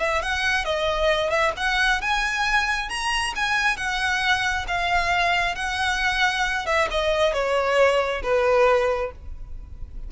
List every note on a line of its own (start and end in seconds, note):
0.00 0.22 E5
0.22 0.65 F#5
0.65 1.30 D#5
1.30 1.52 E5
1.57 2.01 F#5
2.01 2.89 G#5
2.89 3.34 A#5
3.36 3.77 G#5
3.77 4.66 F#5
4.68 5.56 F5
5.56 6.66 F#5
6.66 6.88 E5
6.91 7.33 D#5
7.33 8.22 C#5
8.23 9.12 B4